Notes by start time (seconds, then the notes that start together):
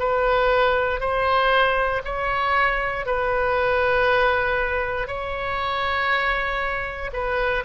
0.00 B4
1.00 C5
2.05 C#5
3.06 B4
5.08 C#5
7.13 B4